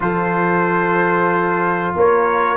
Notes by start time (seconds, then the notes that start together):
0.00 F3 F4 A4 C5
1.95 A#3 A#4 C#5